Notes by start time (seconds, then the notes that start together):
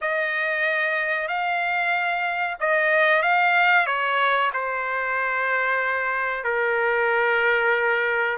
0.01 D#5
1.28 F5
2.60 D#5
3.22 F5
3.86 C#5
4.53 C5
6.44 A#4